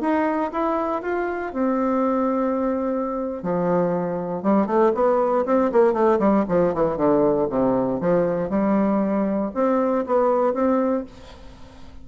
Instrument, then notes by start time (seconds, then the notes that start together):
bassoon
0.00 D#4
0.52 E4
1.02 F4
1.53 C4
3.43 F3
4.42 G3
4.66 A3
4.94 B3
5.45 C4
5.72 A#3
5.93 A3
6.19 G3
6.48 F3
6.74 E3
6.97 D3
7.50 C3
8.00 F3
8.49 G3
9.54 C4
10.06 B3
10.53 C4